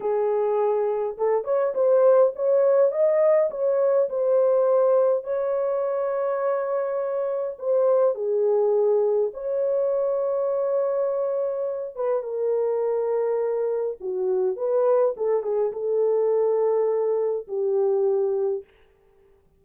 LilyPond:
\new Staff \with { instrumentName = "horn" } { \time 4/4 \tempo 4 = 103 gis'2 a'8 cis''8 c''4 | cis''4 dis''4 cis''4 c''4~ | c''4 cis''2.~ | cis''4 c''4 gis'2 |
cis''1~ | cis''8 b'8 ais'2. | fis'4 b'4 a'8 gis'8 a'4~ | a'2 g'2 | }